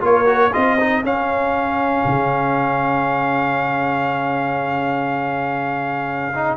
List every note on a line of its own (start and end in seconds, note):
0.00 0.52 A#3
0.00 0.25 F4
0.00 0.53 A#4
0.00 0.53 C#5
0.25 0.51 F#4
0.53 1.03 C4
0.53 0.78 F4
0.53 6.57 G#4
0.53 1.03 D#5
0.80 1.04 D#4
1.03 2.04 C#4
1.03 6.33 C#4
1.03 6.57 F5
2.05 6.57 C#3
6.34 6.57 D#4